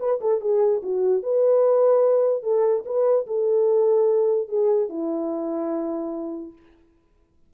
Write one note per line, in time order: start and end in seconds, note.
0.00 0.20 B4
0.21 0.41 A4
0.41 0.82 G#4
0.83 1.23 F#4
1.23 2.43 B4
2.43 2.84 A4
2.86 3.27 B4
3.27 4.49 A4
4.49 4.89 G#4
4.89 6.53 E4